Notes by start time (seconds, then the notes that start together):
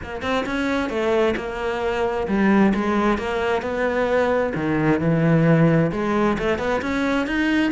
0.03 A#3
0.22 C4
0.46 C#4
0.89 A3
1.36 A#3
2.27 G3
2.74 G#3
3.17 A#3
3.62 B3
4.55 D#3
5.00 E3
5.92 G#3
6.38 A3
6.58 B3
6.81 C#4
7.26 D#4